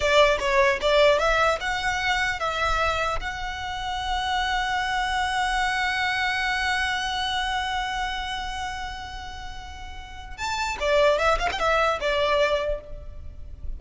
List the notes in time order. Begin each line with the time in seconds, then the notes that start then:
0.00 D5
0.39 C#5
0.81 D5
1.19 E5
1.60 F#5
2.39 E5
3.20 F#5
10.37 A5
10.80 D5
11.18 E5
11.39 F5
11.52 G5
11.59 E5
12.00 D5